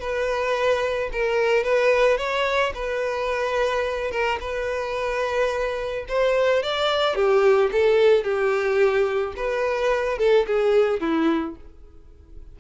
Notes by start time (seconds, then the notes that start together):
0.00 B4
1.13 A#4
1.64 B4
2.18 C#5
2.74 B4
4.11 A#4
4.40 B4
6.09 C5
6.63 D5
7.15 G4
7.72 A4
8.24 G4
9.37 B4
10.18 A4
10.47 G#4
11.01 E4